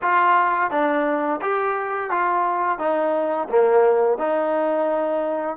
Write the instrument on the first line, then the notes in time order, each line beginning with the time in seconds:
trombone
0.02 F4
0.70 D4
1.41 G4
2.10 F4
2.78 D#4
3.49 A#3
4.17 D#4